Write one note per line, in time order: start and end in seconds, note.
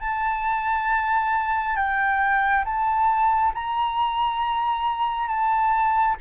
0.00 1.76 A5
1.76 2.64 G5
2.64 3.53 A5
3.54 5.27 A#5
5.27 6.16 A5